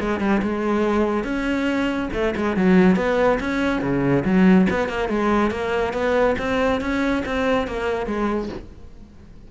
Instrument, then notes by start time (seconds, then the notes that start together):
cello
0.00 G#3
0.20 G3
0.42 G#3
1.24 C#4
2.13 A3
2.36 G#3
2.56 F#3
2.96 B3
3.40 C#4
3.82 C#3
4.25 F#3
4.70 B3
4.88 A#3
5.09 G#3
5.51 A#3
5.93 B3
6.38 C4
6.81 C#4
7.26 C4
7.67 A#3
8.06 G#3